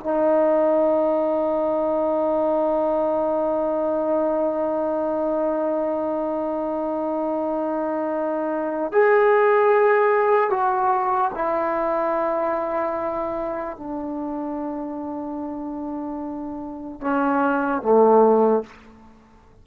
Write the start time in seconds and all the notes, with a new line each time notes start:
0.00 D#4
8.92 G#4
10.50 F#4
11.34 E4
13.77 D4
17.01 C#4
17.82 A3